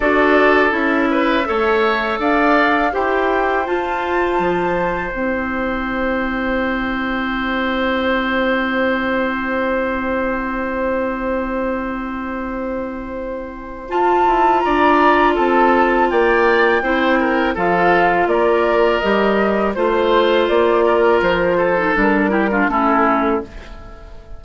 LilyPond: <<
  \new Staff \with { instrumentName = "flute" } { \time 4/4 \tempo 4 = 82 d''4 e''2 f''4 | g''4 a''2 g''4~ | g''1~ | g''1~ |
g''2. a''4 | ais''4 a''4 g''2 | f''4 d''4 dis''4 c''4 | d''4 c''4 ais'4 a'4 | }
  \new Staff \with { instrumentName = "oboe" } { \time 4/4 a'4. b'8 cis''4 d''4 | c''1~ | c''1~ | c''1~ |
c''1 | d''4 a'4 d''4 c''8 ais'8 | a'4 ais'2 c''4~ | c''8 ais'4 a'4 g'16 f'16 e'4 | }
  \new Staff \with { instrumentName = "clarinet" } { \time 4/4 fis'4 e'4 a'2 | g'4 f'2 e'4~ | e'1~ | e'1~ |
e'2. f'4~ | f'2. e'4 | f'2 g'4 f'4~ | f'4.~ f'16 dis'16 d'8 e'16 d'16 cis'4 | }
  \new Staff \with { instrumentName = "bassoon" } { \time 4/4 d'4 cis'4 a4 d'4 | e'4 f'4 f4 c'4~ | c'1~ | c'1~ |
c'2. f'8 e'8 | d'4 c'4 ais4 c'4 | f4 ais4 g4 a4 | ais4 f4 g4 a4 | }
>>